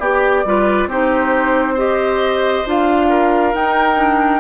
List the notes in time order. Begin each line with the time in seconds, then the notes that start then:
0.00 B3 G4 D5
0.45 G3 F4 B4
0.87 C4 D#4 G4 C5
1.75 G4 C5 D#5
2.66 D4 F4 F5
3.10 A#4
3.54 D#4 G5
3.97 D4